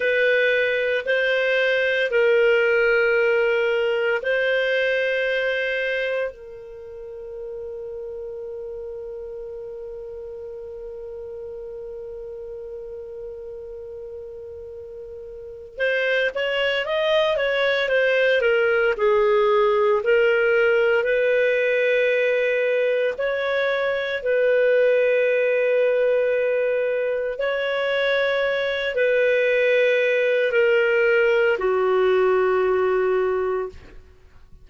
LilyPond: \new Staff \with { instrumentName = "clarinet" } { \time 4/4 \tempo 4 = 57 b'4 c''4 ais'2 | c''2 ais'2~ | ais'1~ | ais'2. c''8 cis''8 |
dis''8 cis''8 c''8 ais'8 gis'4 ais'4 | b'2 cis''4 b'4~ | b'2 cis''4. b'8~ | b'4 ais'4 fis'2 | }